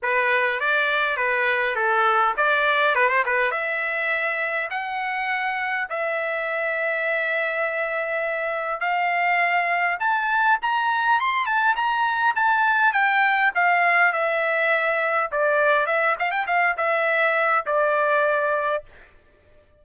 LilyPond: \new Staff \with { instrumentName = "trumpet" } { \time 4/4 \tempo 4 = 102 b'4 d''4 b'4 a'4 | d''4 b'16 c''16 b'8 e''2 | fis''2 e''2~ | e''2. f''4~ |
f''4 a''4 ais''4 c'''8 a''8 | ais''4 a''4 g''4 f''4 | e''2 d''4 e''8 f''16 g''16 | f''8 e''4. d''2 | }